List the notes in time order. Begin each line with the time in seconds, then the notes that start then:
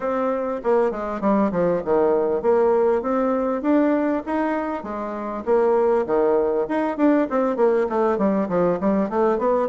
0.00 C4
0.63 A#3
0.91 G#3
1.20 G3
1.52 F3
1.85 D#3
2.42 A#3
3.02 C4
3.62 D4
4.26 D#4
4.83 G#3
5.45 A#3
6.06 D#3
6.68 D#4
6.97 D4
7.29 C4
7.56 A#3
7.89 A3
8.18 G3
8.48 F3
8.80 G3
9.09 A3
9.38 B3